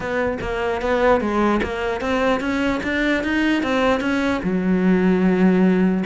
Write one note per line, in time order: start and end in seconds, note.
0.00 0.38 B3
0.41 0.81 A#3
0.81 1.20 B3
1.20 1.61 G#3
1.62 2.00 A#3
2.00 2.40 C4
2.40 2.80 C#4
2.83 3.23 D4
3.23 3.62 D#4
3.62 4.00 C4
4.00 4.40 C#4
4.43 6.04 F#3